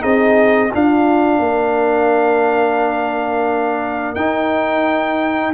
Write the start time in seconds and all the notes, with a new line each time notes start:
0.00 C4 D#4 G#4 D#5
0.73 D4 F4 F5
1.39 A#3 A#4
4.15 D#4 G5